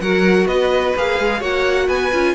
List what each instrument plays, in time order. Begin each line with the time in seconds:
0.00 cello F#3, viola F#4, violin A#4 F#5
0.46 cello B3, violin B4 D#5
0.96 cello A#3, viola G#4, violin F5
1.19 cello G#3
1.39 cello A#3, viola F#4, violin C#5 F#5
1.87 cello B3, violin B4 G#5
2.12 cello C#4, viola F4